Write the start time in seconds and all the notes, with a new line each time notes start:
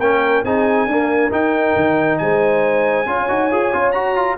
0.00 A#3 C#4 A#4 G5
0.44 C4 D#4 G#4 G#5
0.87 A#3 D4 A#4
1.31 D#4 G5
1.76 D#3
2.19 G#3 C5 G#5
3.06 C#4 F4 C#5
3.29 D#4 F#4
3.51 F4 G#4
3.73 C#4 F4
3.92 F#4 A#5
4.16 F4